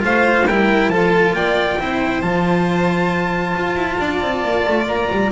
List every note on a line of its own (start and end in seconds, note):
0.00 0.47 A3
0.00 0.44 F4
0.00 0.48 C5
0.00 0.48 F5
0.47 0.89 G3
0.47 0.92 E4
0.47 0.92 A#4
0.47 0.90 G5
0.89 1.33 F3
0.89 1.80 F4
0.89 1.36 A4
0.89 1.34 A5
1.33 1.77 A#3
1.33 1.81 D5
1.33 2.22 G5
1.80 2.23 C4
1.80 2.23 E4
1.80 4.01 C5
2.22 3.55 F3
2.22 5.32 F4
2.22 4.87 A5
3.57 3.75 F4
3.75 3.98 E4
3.99 4.22 D4
3.99 5.32 D5
4.22 4.43 C4
4.43 4.65 A#3
4.68 4.87 A3
4.87 5.09 A#3
4.87 5.32 A#5
5.11 5.32 G3